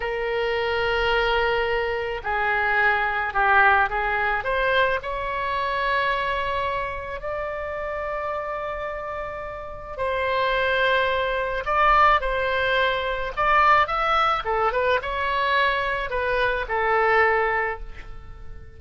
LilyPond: \new Staff \with { instrumentName = "oboe" } { \time 4/4 \tempo 4 = 108 ais'1 | gis'2 g'4 gis'4 | c''4 cis''2.~ | cis''4 d''2.~ |
d''2 c''2~ | c''4 d''4 c''2 | d''4 e''4 a'8 b'8 cis''4~ | cis''4 b'4 a'2 | }